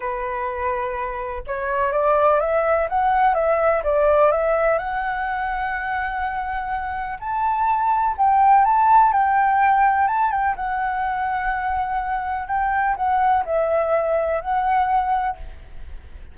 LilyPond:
\new Staff \with { instrumentName = "flute" } { \time 4/4 \tempo 4 = 125 b'2. cis''4 | d''4 e''4 fis''4 e''4 | d''4 e''4 fis''2~ | fis''2. a''4~ |
a''4 g''4 a''4 g''4~ | g''4 a''8 g''8 fis''2~ | fis''2 g''4 fis''4 | e''2 fis''2 | }